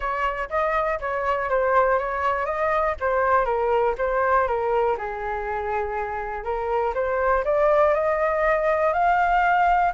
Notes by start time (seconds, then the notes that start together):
0.00 C#5
0.49 D#5
1.00 C#5
1.49 C5
1.98 C#5
2.45 D#5
3.00 C5
3.45 A#4
3.98 C5
4.47 A#4
4.97 G#4
6.43 A#4
6.94 C5
7.44 D5
7.94 D#5
8.93 F5